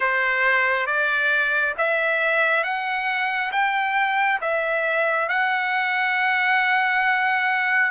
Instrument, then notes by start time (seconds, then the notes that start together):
trumpet
0.00 C5
0.86 D5
1.77 E5
2.63 F#5
3.52 G5
4.41 E5
5.29 F#5